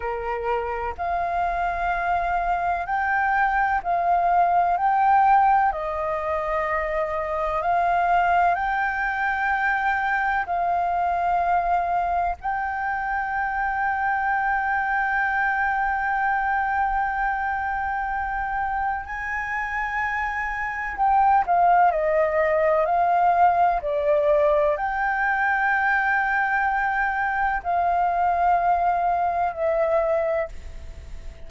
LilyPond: \new Staff \with { instrumentName = "flute" } { \time 4/4 \tempo 4 = 63 ais'4 f''2 g''4 | f''4 g''4 dis''2 | f''4 g''2 f''4~ | f''4 g''2.~ |
g''1 | gis''2 g''8 f''8 dis''4 | f''4 d''4 g''2~ | g''4 f''2 e''4 | }